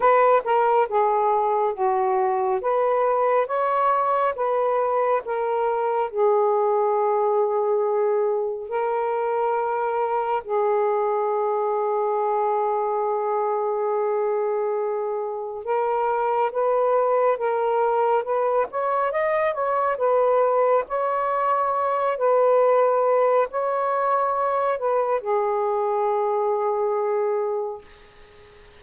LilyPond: \new Staff \with { instrumentName = "saxophone" } { \time 4/4 \tempo 4 = 69 b'8 ais'8 gis'4 fis'4 b'4 | cis''4 b'4 ais'4 gis'4~ | gis'2 ais'2 | gis'1~ |
gis'2 ais'4 b'4 | ais'4 b'8 cis''8 dis''8 cis''8 b'4 | cis''4. b'4. cis''4~ | cis''8 b'8 gis'2. | }